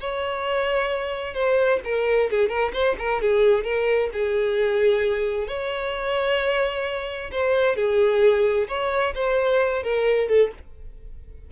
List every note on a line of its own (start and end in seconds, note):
0.00 1.34 C#5
1.34 1.80 C5
1.84 2.30 A#4
2.30 2.49 G#4
2.49 2.71 A#4
2.73 2.96 C5
2.99 3.21 A#4
3.21 3.64 G#4
3.64 4.10 A#4
4.13 5.48 G#4
5.48 7.31 C#5
7.32 7.76 C5
7.76 8.68 G#4
8.68 9.14 C#5
9.15 9.83 C5
9.83 10.28 A#4
10.28 10.51 A4